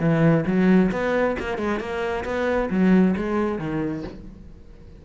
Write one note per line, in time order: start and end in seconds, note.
0.00 0.45 E3
0.46 0.91 F#3
0.91 1.36 B3
1.39 1.58 A#3
1.58 1.80 G#3
1.80 2.24 A#3
2.25 2.69 B3
2.70 3.15 F#3
3.16 3.59 G#3
3.59 4.03 D#3